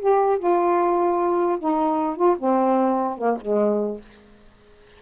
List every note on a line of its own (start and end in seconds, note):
0.00 0.39 G4
0.39 1.59 F4
1.59 2.17 D#4
2.17 2.37 F4
2.39 3.18 C4
3.18 3.38 A#3
3.41 4.01 G#3